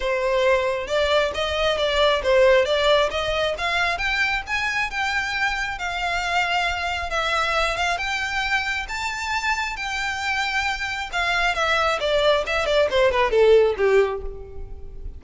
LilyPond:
\new Staff \with { instrumentName = "violin" } { \time 4/4 \tempo 4 = 135 c''2 d''4 dis''4 | d''4 c''4 d''4 dis''4 | f''4 g''4 gis''4 g''4~ | g''4 f''2. |
e''4. f''8 g''2 | a''2 g''2~ | g''4 f''4 e''4 d''4 | e''8 d''8 c''8 b'8 a'4 g'4 | }